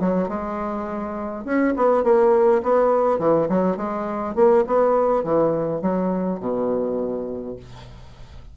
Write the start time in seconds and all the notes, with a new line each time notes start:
0.00 F#3
0.29 G#3
1.45 C#4
1.77 B3
2.04 A#3
2.63 B3
3.19 E3
3.49 F#3
3.77 G#3
4.35 A#3
4.67 B3
5.24 E3
5.82 F#3
6.40 B2